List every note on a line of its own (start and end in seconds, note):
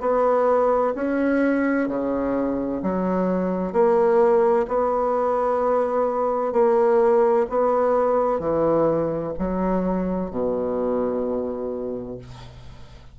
0.00 0.94 B3
0.95 1.88 C#4
1.88 2.82 C#3
2.83 3.72 F#3
3.72 4.66 A#3
4.68 6.52 B3
6.52 7.46 A#3
7.49 8.39 B3
8.39 9.33 E3
9.39 10.31 F#3
10.31 12.18 B2